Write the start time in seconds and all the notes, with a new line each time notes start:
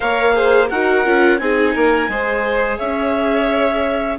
0.00 A#3 A#4 C#5 F5
0.33 G#4 C5
0.68 D#4 F#4 A#4 F#5
1.04 C#4 F4
1.38 C4 D#4 G#4 G#5
1.74 A#3 A#4
2.08 G#3 G#4 C5
2.77 C#4 C#5 E5